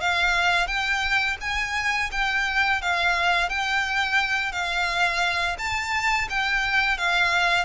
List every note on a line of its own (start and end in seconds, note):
0.00 0.67 F5
0.67 1.36 G5
1.40 2.10 G#5
2.11 2.81 G5
2.81 3.49 F5
3.49 4.52 G5
4.52 5.56 F5
5.58 6.28 A5
6.29 6.97 G5
6.97 7.65 F5